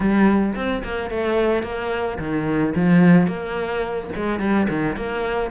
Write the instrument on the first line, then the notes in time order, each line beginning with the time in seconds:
cello
0.00 G3
0.55 C4
0.83 A#3
1.10 A3
1.62 A#3
2.19 D#3
2.75 F3
3.27 A#3
4.16 G#3
4.39 G3
4.69 D#3
4.96 A#3